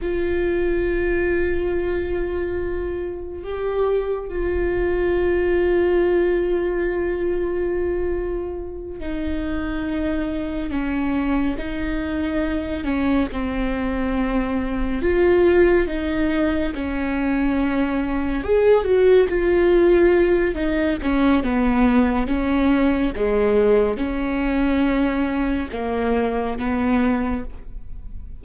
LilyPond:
\new Staff \with { instrumentName = "viola" } { \time 4/4 \tempo 4 = 70 f'1 | g'4 f'2.~ | f'2~ f'8 dis'4.~ | dis'8 cis'4 dis'4. cis'8 c'8~ |
c'4. f'4 dis'4 cis'8~ | cis'4. gis'8 fis'8 f'4. | dis'8 cis'8 b4 cis'4 gis4 | cis'2 ais4 b4 | }